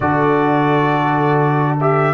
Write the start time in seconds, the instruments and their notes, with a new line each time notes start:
0.00 tuba D3, trombone F#4, horn A4, trumpet D5
1.80 trombone G4, trumpet E5